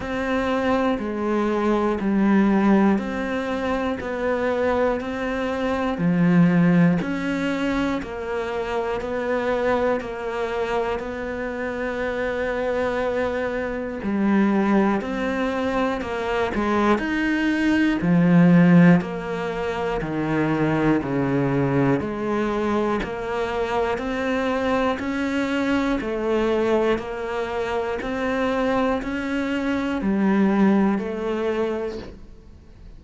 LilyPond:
\new Staff \with { instrumentName = "cello" } { \time 4/4 \tempo 4 = 60 c'4 gis4 g4 c'4 | b4 c'4 f4 cis'4 | ais4 b4 ais4 b4~ | b2 g4 c'4 |
ais8 gis8 dis'4 f4 ais4 | dis4 cis4 gis4 ais4 | c'4 cis'4 a4 ais4 | c'4 cis'4 g4 a4 | }